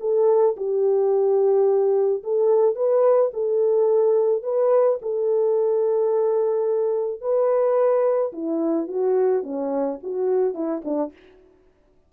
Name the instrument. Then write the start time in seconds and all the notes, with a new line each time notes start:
horn
0.00 A4
0.56 G4
2.23 A4
2.75 B4
3.33 A4
4.43 B4
5.02 A4
7.21 B4
8.33 E4
8.87 F#4
9.43 C#4
10.03 F#4
10.54 E4
10.85 D4